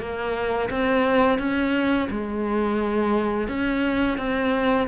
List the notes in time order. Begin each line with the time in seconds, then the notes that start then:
0.00 A#3
0.70 C4
1.39 C#4
2.11 G#3
3.49 C#4
4.18 C4